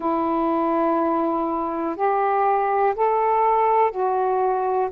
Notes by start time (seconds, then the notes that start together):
0.00 E4
1.96 G4
2.95 A4
3.91 F#4